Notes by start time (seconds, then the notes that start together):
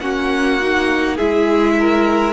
0.00 A#3 C#4 F#4 F#5
0.61 D#4
1.16 G#3 E4 G#4 E5
1.79 A#4